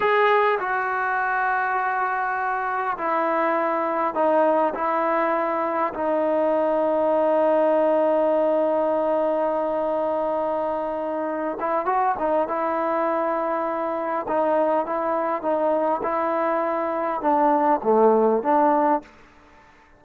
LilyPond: \new Staff \with { instrumentName = "trombone" } { \time 4/4 \tempo 4 = 101 gis'4 fis'2.~ | fis'4 e'2 dis'4 | e'2 dis'2~ | dis'1~ |
dis'2.~ dis'8 e'8 | fis'8 dis'8 e'2. | dis'4 e'4 dis'4 e'4~ | e'4 d'4 a4 d'4 | }